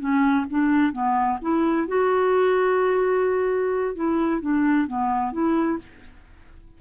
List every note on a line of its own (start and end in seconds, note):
0.00 0.46 C#4
0.50 0.93 D4
0.93 1.39 B3
1.42 1.88 E4
1.88 3.96 F#4
3.96 4.42 E4
4.42 4.88 D4
4.88 5.33 B3
5.33 5.79 E4